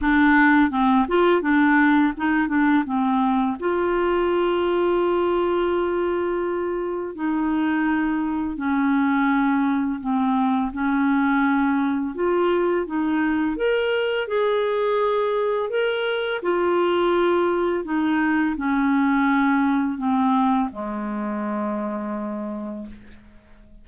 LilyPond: \new Staff \with { instrumentName = "clarinet" } { \time 4/4 \tempo 4 = 84 d'4 c'8 f'8 d'4 dis'8 d'8 | c'4 f'2.~ | f'2 dis'2 | cis'2 c'4 cis'4~ |
cis'4 f'4 dis'4 ais'4 | gis'2 ais'4 f'4~ | f'4 dis'4 cis'2 | c'4 gis2. | }